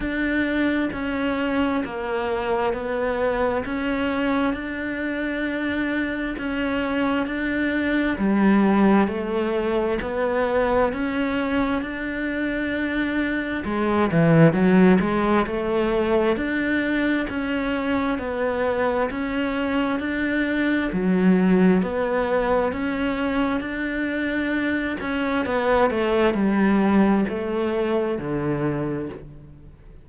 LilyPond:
\new Staff \with { instrumentName = "cello" } { \time 4/4 \tempo 4 = 66 d'4 cis'4 ais4 b4 | cis'4 d'2 cis'4 | d'4 g4 a4 b4 | cis'4 d'2 gis8 e8 |
fis8 gis8 a4 d'4 cis'4 | b4 cis'4 d'4 fis4 | b4 cis'4 d'4. cis'8 | b8 a8 g4 a4 d4 | }